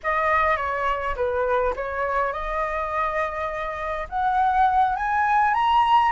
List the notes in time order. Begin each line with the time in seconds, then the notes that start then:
0.03 D#5
0.57 C#5
1.15 B4
1.76 C#5
2.32 D#5
4.09 F#5
4.95 G#5
5.53 A#5